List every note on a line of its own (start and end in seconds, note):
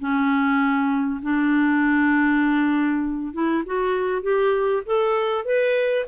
0.00 1.21 C#4
1.23 3.34 D4
3.34 3.64 E4
3.66 4.23 F#4
4.23 4.83 G4
4.86 5.45 A4
5.45 6.06 B4